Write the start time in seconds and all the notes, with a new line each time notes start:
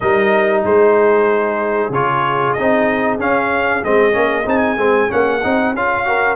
0.00 G3 D#4 A#4 D#5
0.63 G#3 G#4 C5
1.89 C#3 F4 C#5
2.52 D#5
2.58 C4 D#4
3.19 C#4 F5
3.83 G#3 C4 D#5
4.12 A#3 C#4
4.46 C4 D#4 G#5
4.77 G#3 C4
5.08 A#3 C#4 F#5
5.43 C4 D#4
5.74 C#4 F4 F5
6.05 F#4 A#4